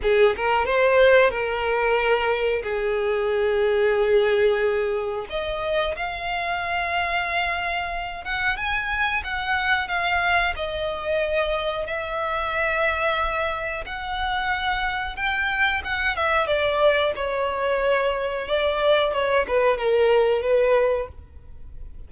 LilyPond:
\new Staff \with { instrumentName = "violin" } { \time 4/4 \tempo 4 = 91 gis'8 ais'8 c''4 ais'2 | gis'1 | dis''4 f''2.~ | f''8 fis''8 gis''4 fis''4 f''4 |
dis''2 e''2~ | e''4 fis''2 g''4 | fis''8 e''8 d''4 cis''2 | d''4 cis''8 b'8 ais'4 b'4 | }